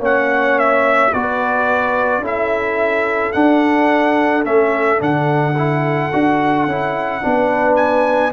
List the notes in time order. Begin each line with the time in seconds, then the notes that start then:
0.00 A#3 C#4 C#5 F#5
0.59 E5
1.12 B3 F#4 B4 D5
2.19 C#4 E4 A4
2.27 E5
3.33 D4 F#5
4.45 A3 C#4 E5
4.98 D3 D4 F#5
5.58 E4
6.13 D4 F#4
6.67 C#4 E4
7.22 B3 D4 B4
7.77 G#5